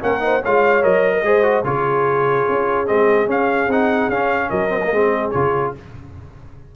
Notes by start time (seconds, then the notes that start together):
0.00 A#3 C#4 A#4 F#5
0.20 D#4 C5
0.43 G#3 F4 C#5 F5
0.82 F#3 A#4 D#5
1.13 A#4
1.23 G#3 G#4 C5
1.43 F#4
1.64 C#3 F4 G#4 C#5
2.49 C#4
2.87 G#3 C4 D#5
3.27 C#4 F5
3.68 C4 D#4 F#5
4.09 C#4 F5
4.50 F#3 A#4 D#5
4.69 C4
4.84 A#3
4.92 G#3 C4 G#4
5.31 C#3 F4 C#5